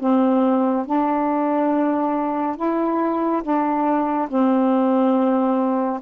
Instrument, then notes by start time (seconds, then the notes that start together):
saxophone
0.00 C4
0.86 D4
2.56 E4
3.42 D4
4.29 C4